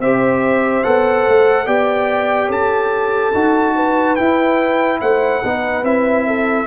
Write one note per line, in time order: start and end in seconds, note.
0.00 0.83 C4
0.00 0.84 G4
0.00 1.67 C5
0.00 0.84 E5
0.84 1.27 B3
0.84 1.66 A4
0.84 1.67 F#5
1.28 1.67 A3
1.66 2.50 B3
1.66 3.33 G4
1.66 2.49 D5
1.66 2.50 G5
2.49 3.33 C#4
2.49 3.74 A4
2.49 4.16 A5
3.35 4.18 D#4
3.35 4.18 F#4
3.76 5.01 B4
4.16 5.43 E4
4.16 5.02 E4
4.16 4.99 G5
5.01 5.44 A3
5.01 5.43 C5
5.01 5.85 F#5
5.44 5.84 B3
5.44 5.84 D#4
5.44 6.27 B4
5.84 6.67 C4
5.84 6.67 E4
5.84 6.67 E5
6.27 6.67 A4